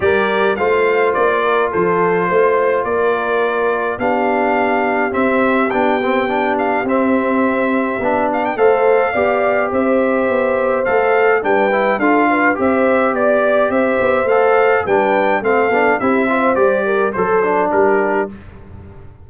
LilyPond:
<<
  \new Staff \with { instrumentName = "trumpet" } { \time 4/4 \tempo 4 = 105 d''4 f''4 d''4 c''4~ | c''4 d''2 f''4~ | f''4 e''4 g''4. f''8 | e''2~ e''8 f''16 g''16 f''4~ |
f''4 e''2 f''4 | g''4 f''4 e''4 d''4 | e''4 f''4 g''4 f''4 | e''4 d''4 c''4 ais'4 | }
  \new Staff \with { instrumentName = "horn" } { \time 4/4 ais'4 c''4. ais'8 a'4 | c''4 ais'2 g'4~ | g'1~ | g'2. c''4 |
d''4 c''2. | b'4 a'8 b'8 c''4 d''4 | c''2 b'4 a'4 | g'8 c''4 ais'8 a'4 g'4 | }
  \new Staff \with { instrumentName = "trombone" } { \time 4/4 g'4 f'2.~ | f'2. d'4~ | d'4 c'4 d'8 c'8 d'4 | c'2 d'4 a'4 |
g'2. a'4 | d'8 e'8 f'4 g'2~ | g'4 a'4 d'4 c'8 d'8 | e'8 f'8 g'4 a'8 d'4. | }
  \new Staff \with { instrumentName = "tuba" } { \time 4/4 g4 a4 ais4 f4 | a4 ais2 b4~ | b4 c'4 b2 | c'2 b4 a4 |
b4 c'4 b4 a4 | g4 d'4 c'4 b4 | c'8 b8 a4 g4 a8 b8 | c'4 g4 fis4 g4 | }
>>